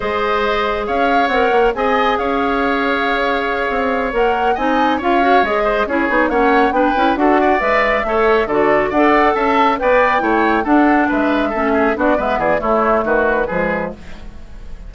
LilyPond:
<<
  \new Staff \with { instrumentName = "flute" } { \time 4/4 \tempo 4 = 138 dis''2 f''4 fis''4 | gis''4 f''2.~ | f''4. fis''4 gis''4 f''8~ | f''8 dis''4 cis''4 fis''4 g''8~ |
g''8 fis''4 e''2 d''8~ | d''8 fis''4 a''4 g''4.~ | g''8 fis''4 e''2 d''8 | e''8 d''8 cis''4 b'2 | }
  \new Staff \with { instrumentName = "oboe" } { \time 4/4 c''2 cis''2 | dis''4 cis''2.~ | cis''2~ cis''8 dis''4 cis''8~ | cis''4 c''8 gis'4 cis''4 b'8~ |
b'8 a'8 d''4. cis''4 a'8~ | a'8 d''4 e''4 d''4 cis''8~ | cis''8 a'4 b'4 a'8 gis'8 fis'8 | b'8 gis'8 e'4 fis'4 gis'4 | }
  \new Staff \with { instrumentName = "clarinet" } { \time 4/4 gis'2. ais'4 | gis'1~ | gis'4. ais'4 dis'4 f'8 | fis'8 gis'4 e'8 dis'8 cis'4 d'8 |
e'8 fis'4 b'4 a'4 fis'8~ | fis'8 a'2 b'4 e'8~ | e'8 d'2 cis'4 d'8 | b4 a2 gis4 | }
  \new Staff \with { instrumentName = "bassoon" } { \time 4/4 gis2 cis'4 c'8 ais8 | c'4 cis'2.~ | cis'8 c'4 ais4 c'4 cis'8~ | cis'8 gis4 cis'8 b8 ais4 b8 |
cis'8 d'4 gis4 a4 d8~ | d8 d'4 cis'4 b4 a8~ | a8 d'4 gis4 a4 b8 | gis8 e8 a4 dis4 f4 | }
>>